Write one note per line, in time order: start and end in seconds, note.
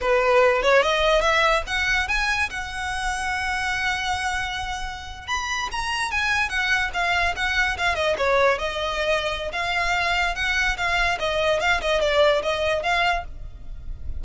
0.01 0.62 B4
0.62 0.82 C#5
0.82 1.21 D#5
1.21 1.62 E5
1.66 2.08 F#5
2.08 2.49 G#5
2.50 5.27 F#5
5.27 5.68 B5
5.71 6.11 A#5
6.11 6.49 G#5
6.49 6.90 F#5
6.93 7.34 F5
7.36 7.77 F#5
7.77 7.95 F5
7.95 8.15 D#5
8.17 8.58 C#5
8.58 9.51 D#5
9.52 10.35 F5
10.35 10.76 F#5
10.77 11.18 F5
11.19 11.60 D#5
11.60 11.80 F5
11.81 12.00 D#5
12.00 12.42 D5
12.42 12.83 D#5
12.83 13.24 F5